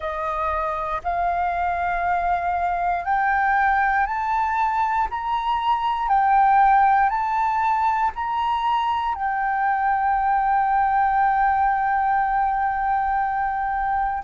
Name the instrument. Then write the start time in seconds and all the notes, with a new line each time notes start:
flute
0.00 D#5
1.03 F5
3.05 G5
4.06 A5
5.10 A#5
6.08 G5
7.09 A5
8.14 A#5
9.14 G5